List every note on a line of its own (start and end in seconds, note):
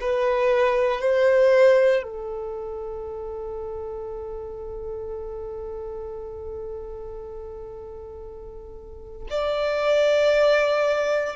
0.00 1.01 B4
1.01 2.03 C5
2.03 9.27 A4
9.30 11.36 D5